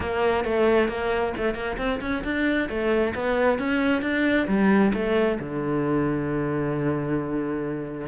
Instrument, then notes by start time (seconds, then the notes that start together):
cello
0.00 A#3
0.44 A3
0.88 A#3
1.37 A3
1.54 A#3
1.77 C4
2.00 C#4
2.23 D4
2.69 A3
3.14 B3
3.58 C#4
4.02 D4
4.47 G3
4.93 A3
5.39 D3